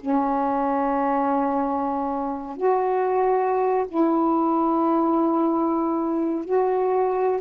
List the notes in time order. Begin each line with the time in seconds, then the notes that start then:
0.00 C#4
2.57 F#4
3.88 E4
6.45 F#4